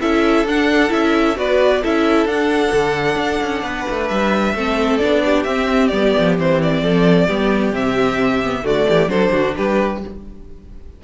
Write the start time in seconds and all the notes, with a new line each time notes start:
0.00 C#4 E4 A4 E5
0.44 D4 F#5
0.88 C#4 E4 E5
1.35 B3 F#4 B4 D5
1.82 C#4 E4 A4 E5
2.25 D4 F#5
2.73 D3
3.15 D4
3.42 C#4
3.62 B3 B4
3.89 A3
4.08 G3 E5
4.53 A3 C4 A4
4.97 B3 D4 D5
5.25 G4
5.43 C4 E5
5.87 G3 B3 D5
6.18 F3
6.38 E3 C4 C5
6.61 D5
6.82 F3 A4
7.27 G3 B3 G4
7.72 C3 C4 E5
8.44 B3
8.63 D3 A3 F#4 D5
8.88 E3 G4
9.07 F#3 D4 A4 C5
9.31 D3 F#4
9.56 G3 G4 B4